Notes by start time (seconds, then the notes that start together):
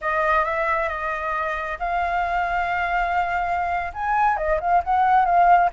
0.01 D#5
0.45 E5
0.88 D#5
1.79 F5
3.93 G#5
4.37 D#5
4.60 F5
4.84 F#5
5.25 F5